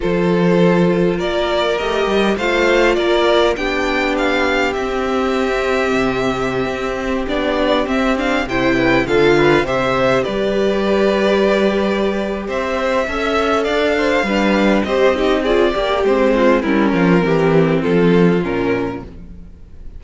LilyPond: <<
  \new Staff \with { instrumentName = "violin" } { \time 4/4 \tempo 4 = 101 c''2 d''4 dis''4 | f''4 d''4 g''4 f''4 | e''1~ | e''16 d''4 e''8 f''8 g''4 f''8.~ |
f''16 e''4 d''2~ d''8.~ | d''4 e''2 f''4~ | f''4 dis''4 d''4 c''4 | ais'2 a'4 ais'4 | }
  \new Staff \with { instrumentName = "violin" } { \time 4/4 a'2 ais'2 | c''4 ais'4 g'2~ | g'1~ | g'2~ g'16 c''8 b'8 a'8 b'16~ |
b'16 c''4 b'2~ b'8.~ | b'4 c''4 e''4 d''8 c''8 | b'4 c''8 g'8 gis'8 g'4 f'8 | e'8 f'8 g'4 f'2 | }
  \new Staff \with { instrumentName = "viola" } { \time 4/4 f'2. g'4 | f'2 d'2 | c'1~ | c'16 d'4 c'8 d'8 e'4 f'8.~ |
f'16 g'2.~ g'8.~ | g'2 a'2 | d'4 g'8 dis'8 f'8 g'8 c'4 | cis'4 c'2 cis'4 | }
  \new Staff \with { instrumentName = "cello" } { \time 4/4 f2 ais4 a8 g8 | a4 ais4 b2 | c'2 c4~ c16 c'8.~ | c'16 b4 c'4 c4 d8.~ |
d16 c4 g2~ g8.~ | g4 c'4 cis'4 d'4 | g4 c'4. ais8 gis4 | g8 f8 e4 f4 ais,4 | }
>>